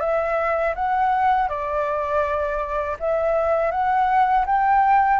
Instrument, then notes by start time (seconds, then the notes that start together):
flute
0.00 E5
0.75 F#5
1.48 D5
2.99 E5
3.71 F#5
4.45 G5